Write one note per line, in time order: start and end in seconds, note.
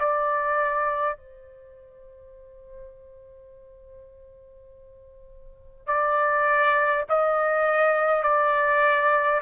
0.00 1.17 D5
1.17 5.87 C5
5.87 7.05 D5
7.10 8.24 D#5
8.24 9.41 D5